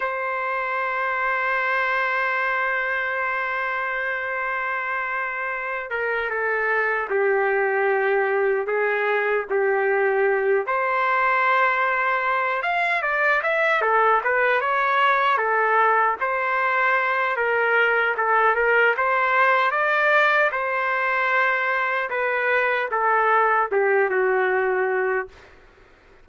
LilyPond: \new Staff \with { instrumentName = "trumpet" } { \time 4/4 \tempo 4 = 76 c''1~ | c''2.~ c''8 ais'8 | a'4 g'2 gis'4 | g'4. c''2~ c''8 |
f''8 d''8 e''8 a'8 b'8 cis''4 a'8~ | a'8 c''4. ais'4 a'8 ais'8 | c''4 d''4 c''2 | b'4 a'4 g'8 fis'4. | }